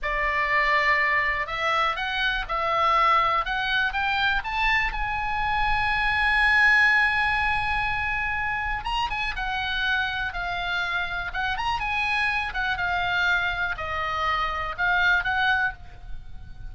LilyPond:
\new Staff \with { instrumentName = "oboe" } { \time 4/4 \tempo 4 = 122 d''2. e''4 | fis''4 e''2 fis''4 | g''4 a''4 gis''2~ | gis''1~ |
gis''2 ais''8 gis''8 fis''4~ | fis''4 f''2 fis''8 ais''8 | gis''4. fis''8 f''2 | dis''2 f''4 fis''4 | }